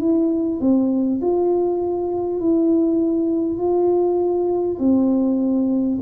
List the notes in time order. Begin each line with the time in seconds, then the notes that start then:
0.00 E4
0.61 C4
1.21 F4
2.41 E4
3.58 F4
4.79 C4